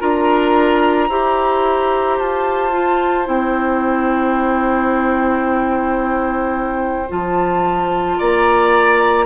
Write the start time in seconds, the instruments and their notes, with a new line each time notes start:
0.00 bassoon D4, clarinet F4, oboe A#4, flute A#5
1.09 bassoon E4, clarinet G4, oboe C5
2.18 bassoon F4, flute A5
2.72 clarinet F4
3.25 bassoon C4, clarinet E4, flute G5
7.09 bassoon F3, clarinet F4, flute A5
8.18 bassoon A#3, oboe D5, flute A#5